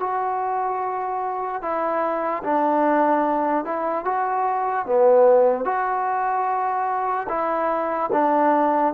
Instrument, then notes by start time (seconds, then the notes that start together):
trombone
0.00 F#4
1.62 E4
2.44 D4
3.65 E4
4.05 F#4
4.86 B3
5.65 F#4
7.29 E4
8.13 D4